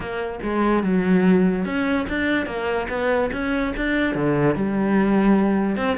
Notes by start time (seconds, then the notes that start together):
0.00 A#3
0.42 G#3
0.83 F#3
1.65 C#4
2.08 D4
2.45 A#3
2.89 B3
3.32 C#4
3.76 D4
4.14 D3
4.55 G3
5.76 C4